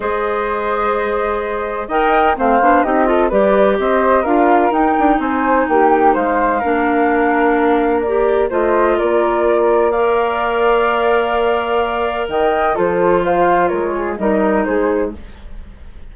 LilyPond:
<<
  \new Staff \with { instrumentName = "flute" } { \time 4/4 \tempo 4 = 127 dis''1 | g''4 f''4 dis''4 d''4 | dis''4 f''4 g''4 gis''4 | g''4 f''2.~ |
f''4 d''4 dis''4 d''4~ | d''4 f''2.~ | f''2 g''4 c''4 | f''4 cis''4 dis''4 c''4 | }
  \new Staff \with { instrumentName = "flute" } { \time 4/4 c''1 | dis''4 c''4 g'8 a'8 b'4 | c''4 ais'2 c''4 | g'4 c''4 ais'2~ |
ais'2 c''4 ais'4~ | ais'4 d''2.~ | d''2 dis''4 a'4 | c''4 ais'8 gis'8 ais'4 gis'4 | }
  \new Staff \with { instrumentName = "clarinet" } { \time 4/4 gis'1 | ais'4 c'8 d'8 dis'8 f'8 g'4~ | g'4 f'4 dis'2~ | dis'2 d'2~ |
d'4 g'4 f'2~ | f'4 ais'2.~ | ais'2. f'4~ | f'2 dis'2 | }
  \new Staff \with { instrumentName = "bassoon" } { \time 4/4 gis1 | dis'4 a8 b8 c'4 g4 | c'4 d'4 dis'8 d'8 c'4 | ais4 gis4 ais2~ |
ais2 a4 ais4~ | ais1~ | ais2 dis4 f4~ | f4 gis4 g4 gis4 | }
>>